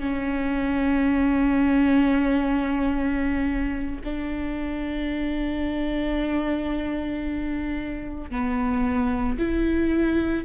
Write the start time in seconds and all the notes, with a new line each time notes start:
0.00 C#4
4.04 D4
8.31 B3
9.38 E4